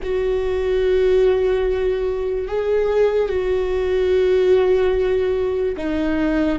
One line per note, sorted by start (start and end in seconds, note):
0.02 2.47 F#4
2.47 3.29 G#4
3.29 5.75 F#4
5.76 6.58 D#4